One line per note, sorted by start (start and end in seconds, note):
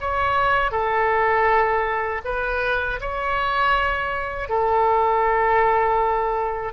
0.00 0.72 C#5
0.72 2.22 A4
2.25 3.00 B4
3.00 4.49 C#5
4.49 6.73 A4